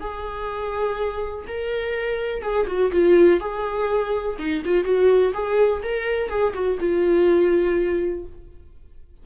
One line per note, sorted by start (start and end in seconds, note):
0.00 1.45 G#4
1.47 2.42 A#4
2.42 2.66 G#4
2.67 2.91 F#4
2.92 3.40 F4
3.40 4.37 G#4
4.38 4.63 D#4
4.65 4.84 F4
4.84 5.32 F#4
5.34 5.82 G#4
5.83 6.29 A#4
6.29 6.53 G#4
6.54 6.78 F#4
6.80 8.25 F4